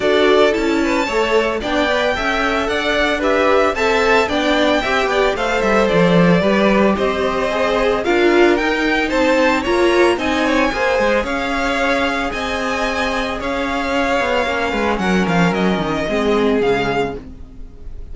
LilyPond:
<<
  \new Staff \with { instrumentName = "violin" } { \time 4/4 \tempo 4 = 112 d''4 a''2 g''4~ | g''4 fis''4 e''4 a''4 | g''2 f''8 e''8 d''4~ | d''4 dis''2 f''4 |
g''4 a''4 ais''4 gis''4~ | gis''4 f''2 gis''4~ | gis''4 f''2. | fis''8 f''8 dis''2 f''4 | }
  \new Staff \with { instrumentName = "violin" } { \time 4/4 a'4. b'8 cis''4 d''4 | e''4 d''4 b'4 e''4 | d''4 e''8 d''8 c''2 | b'4 c''2 ais'4~ |
ais'4 c''4 cis''4 dis''8 cis''8 | c''4 cis''2 dis''4~ | dis''4 cis''2~ cis''8 b'8 | ais'2 gis'2 | }
  \new Staff \with { instrumentName = "viola" } { \time 4/4 fis'4 e'4 a'4 d'8 b'8 | a'2 g'4 a'4 | d'4 g'4 a'2 | g'2 gis'4 f'4 |
dis'2 f'4 dis'4 | gis'1~ | gis'2. cis'4~ | cis'2 c'4 gis4 | }
  \new Staff \with { instrumentName = "cello" } { \time 4/4 d'4 cis'4 a4 b4 | cis'4 d'2 c'4 | b4 c'8 b8 a8 g8 f4 | g4 c'2 d'4 |
dis'4 c'4 ais4 c'4 | ais8 gis8 cis'2 c'4~ | c'4 cis'4. b8 ais8 gis8 | fis8 f8 fis8 dis8 gis4 cis4 | }
>>